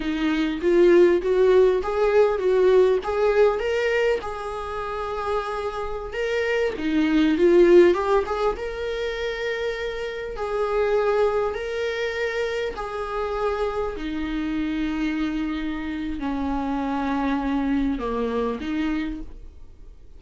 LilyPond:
\new Staff \with { instrumentName = "viola" } { \time 4/4 \tempo 4 = 100 dis'4 f'4 fis'4 gis'4 | fis'4 gis'4 ais'4 gis'4~ | gis'2~ gis'16 ais'4 dis'8.~ | dis'16 f'4 g'8 gis'8 ais'4.~ ais'16~ |
ais'4~ ais'16 gis'2 ais'8.~ | ais'4~ ais'16 gis'2 dis'8.~ | dis'2. cis'4~ | cis'2 ais4 dis'4 | }